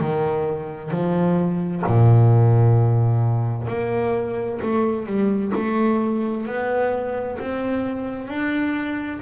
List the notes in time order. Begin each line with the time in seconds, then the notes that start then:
0.00 D#3
0.91 F3
1.87 A#2
3.68 A#3
4.62 A3
5.06 G3
5.55 A3
6.47 B3
7.40 C4
8.28 D4